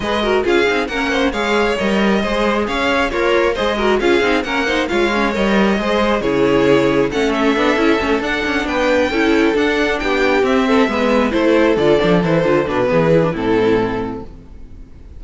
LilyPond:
<<
  \new Staff \with { instrumentName = "violin" } { \time 4/4 \tempo 4 = 135 dis''4 f''4 fis''4 f''4 | dis''2 f''4 cis''4 | dis''4 f''4 fis''4 f''4 | dis''2 cis''2 |
fis''8 e''2 fis''4 g''8~ | g''4. fis''4 g''4 e''8~ | e''4. c''4 d''4 c''8~ | c''8 b'4. a'2 | }
  \new Staff \with { instrumentName = "violin" } { \time 4/4 b'8 ais'8 gis'4 ais'8 c''8 cis''4~ | cis''4 c''4 cis''4 f'4 | c''8 ais'8 gis'4 ais'8 c''8 cis''4~ | cis''4 c''4 gis'2 |
a'2.~ a'8 b'8~ | b'8 a'2 g'4. | a'8 b'4 a'2~ a'8~ | a'4 gis'4 e'2 | }
  \new Staff \with { instrumentName = "viola" } { \time 4/4 gis'8 fis'8 f'8 dis'8 cis'4 gis'4 | ais'4 gis'2 ais'4 | gis'8 fis'8 f'8 dis'8 cis'8 dis'8 f'8 cis'8 | ais'4 gis'4 e'2 |
cis'4 d'8 e'8 cis'8 d'4.~ | d'8 e'4 d'2 c'8~ | c'8 b4 e'4 f'8 d'8 e'8 | f'8 d'8 b8 e'16 d'16 c'2 | }
  \new Staff \with { instrumentName = "cello" } { \time 4/4 gis4 cis'8 c'8 ais4 gis4 | g4 gis4 cis'4 ais4 | gis4 cis'8 c'8 ais4 gis4 | g4 gis4 cis2 |
a4 b8 cis'8 a8 d'8 cis'8 b8~ | b8 cis'4 d'4 b4 c'8~ | c'8 gis4 a4 d8 f8 e8 | d8 b,8 e4 a,2 | }
>>